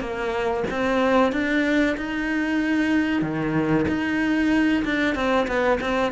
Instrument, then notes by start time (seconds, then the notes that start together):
cello
0.00 A#3
0.71 C4
1.32 D4
1.97 D#4
3.22 D#3
3.88 D#4
4.85 D4
5.15 C4
5.47 B3
5.81 C4